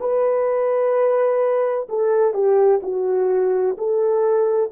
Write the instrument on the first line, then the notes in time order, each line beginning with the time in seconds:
horn
0.00 B4
1.89 A4
2.34 G4
2.83 F#4
3.78 A4